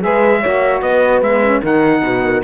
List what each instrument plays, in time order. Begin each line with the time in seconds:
0.00 cello G#3, saxophone G#4, horn B4, trumpet E5
0.40 cello A#3, saxophone F#4, horn C#5
0.81 cello B3, horn B4, trumpet D#5
1.21 cello G#3, saxophone B3, trumpet E5
1.43 saxophone C#4
1.62 cello D#3, saxophone D#4, horn A#4, trumpet F#5
2.01 cello B2, horn B4
2.24 horn A#4